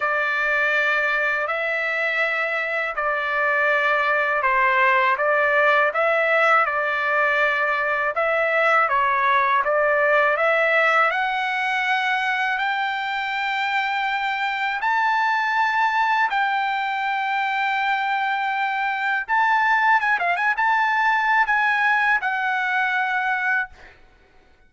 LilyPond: \new Staff \with { instrumentName = "trumpet" } { \time 4/4 \tempo 4 = 81 d''2 e''2 | d''2 c''4 d''4 | e''4 d''2 e''4 | cis''4 d''4 e''4 fis''4~ |
fis''4 g''2. | a''2 g''2~ | g''2 a''4 gis''16 f''16 gis''16 a''16~ | a''4 gis''4 fis''2 | }